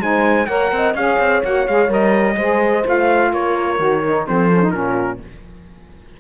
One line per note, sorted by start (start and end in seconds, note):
0.00 0.47 G#3
0.00 0.48 D#4
0.00 0.48 C5
0.00 0.46 G#5
0.46 0.71 A#3
0.46 0.96 A#4
0.46 0.71 C#5
0.46 0.93 F#5
0.72 0.94 C4
0.72 0.97 D#5
0.94 1.18 C#4
0.94 1.43 G#4
0.94 2.36 C#5
0.94 1.42 F5
1.19 1.43 C4
1.43 1.67 A#3
1.43 1.67 F#4
1.43 1.67 F#5
1.67 1.88 G#3
1.67 1.88 G#4
1.67 1.91 F5
1.88 2.36 G3
1.88 2.35 A#4
1.88 2.87 D#5
2.36 2.84 G#3
2.36 2.84 G#4
2.36 3.31 C5
2.84 3.33 A3
2.84 3.78 F4
2.84 3.33 F5
3.31 3.79 A#3
3.31 4.26 A#4
3.31 4.27 C#5
3.78 4.26 D#3
3.78 4.02 F#4
4.06 4.28 D#4
4.27 4.71 F3
4.27 4.51 C4
4.27 4.73 A4
4.27 4.70 C5
4.52 4.62 C#4
4.62 4.73 D#4
4.70 5.19 A#2
4.70 5.20 C#4
4.70 5.20 F4
4.70 5.18 A#4